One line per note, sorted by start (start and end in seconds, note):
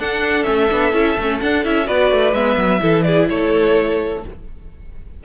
0.00 0.47 D4
0.00 0.44 D4
0.00 1.87 A4
0.00 0.44 F#5
0.44 0.72 A3
0.44 0.68 C#4
0.44 1.38 E5
0.71 0.94 B3
0.71 0.93 D4
0.93 1.17 C#4
0.93 1.17 E4
1.18 1.42 A3
1.18 1.42 C#4
1.41 1.64 D4
1.41 1.66 D4
1.41 1.65 F#5
1.64 1.89 C#4
1.64 1.85 E4
1.64 1.88 E5
1.85 2.12 B3
1.85 2.32 F#4
1.85 2.81 B4
1.85 2.34 D5
2.12 2.33 A3
2.33 2.57 G#3
2.33 2.80 B3
2.33 3.03 E5
2.58 2.81 F#3
2.80 3.30 E3
2.80 4.22 E4
2.80 3.05 A4
3.03 3.30 G#4
3.03 3.27 D5
3.30 4.25 A3
3.30 4.25 A4
3.30 4.24 C#5